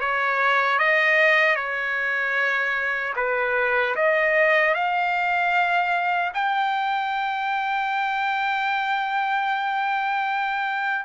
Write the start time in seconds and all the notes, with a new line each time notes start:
0.00 C#5
0.79 D#5
1.55 C#5
3.16 B4
3.95 D#5
4.74 F5
6.34 G5